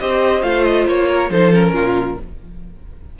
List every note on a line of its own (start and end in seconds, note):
0.00 0.43 C4
0.00 0.43 G4
0.00 1.09 C5
0.00 0.43 D#5
0.43 0.87 A3
0.43 1.30 F4
0.43 0.65 F5
0.65 0.87 D#5
0.87 1.30 A#3
0.87 1.32 C#5
1.09 1.31 A#4
1.30 1.73 F3
1.30 1.53 D#4
1.30 1.75 A4
1.30 1.54 C5
1.53 2.18 C#4
1.53 2.20 A#4
1.73 2.17 A#2
1.73 2.19 F4